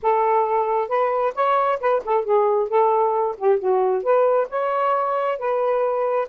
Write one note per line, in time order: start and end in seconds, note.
0.02 0.88 A4
0.88 1.33 B4
1.34 1.79 C#5
1.80 2.02 B4
2.05 2.24 A4
2.24 2.68 G#4
2.68 3.35 A4
3.37 3.59 G4
3.59 4.03 F#4
4.03 4.48 B4
4.49 5.38 C#5
5.38 6.28 B4